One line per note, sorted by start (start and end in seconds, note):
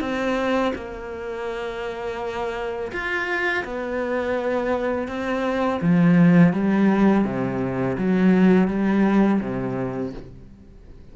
0.00 0.72 C4
0.75 2.91 A#3
2.92 3.64 F4
3.64 5.07 B3
5.07 5.80 C4
5.81 6.53 F3
6.53 7.25 G3
7.25 7.97 C3
7.97 8.68 F#3
8.68 9.40 G3
9.40 10.12 C3